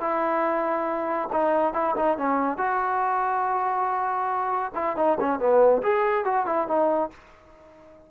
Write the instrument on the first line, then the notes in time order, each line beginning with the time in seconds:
trombone
0.00 E4
1.32 D#4
1.73 E4
1.96 D#4
2.17 C#4
2.57 F#4
4.75 E4
4.96 D#4
5.20 C#4
5.39 B3
5.82 G#4
6.24 F#4
6.46 E4
6.67 D#4